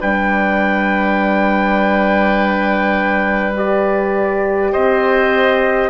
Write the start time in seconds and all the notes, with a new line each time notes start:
0.00 G3 D4 B4 G5
3.54 G4 D5
4.72 C4 C5 D#5